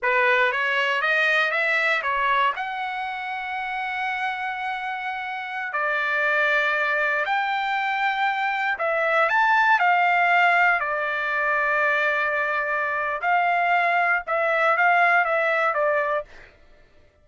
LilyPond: \new Staff \with { instrumentName = "trumpet" } { \time 4/4 \tempo 4 = 118 b'4 cis''4 dis''4 e''4 | cis''4 fis''2.~ | fis''2.~ fis''16 d''8.~ | d''2~ d''16 g''4.~ g''16~ |
g''4~ g''16 e''4 a''4 f''8.~ | f''4~ f''16 d''2~ d''8.~ | d''2 f''2 | e''4 f''4 e''4 d''4 | }